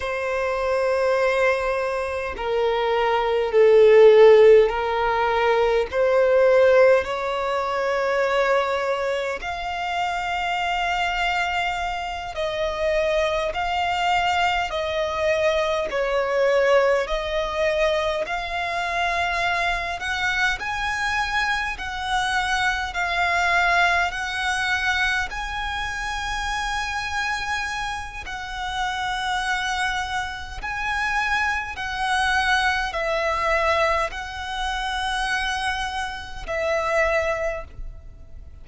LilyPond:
\new Staff \with { instrumentName = "violin" } { \time 4/4 \tempo 4 = 51 c''2 ais'4 a'4 | ais'4 c''4 cis''2 | f''2~ f''8 dis''4 f''8~ | f''8 dis''4 cis''4 dis''4 f''8~ |
f''4 fis''8 gis''4 fis''4 f''8~ | f''8 fis''4 gis''2~ gis''8 | fis''2 gis''4 fis''4 | e''4 fis''2 e''4 | }